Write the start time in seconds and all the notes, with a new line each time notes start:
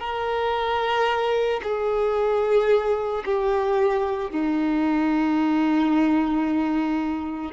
0.00 A#4
1.63 G#4
3.25 G4
4.31 D#4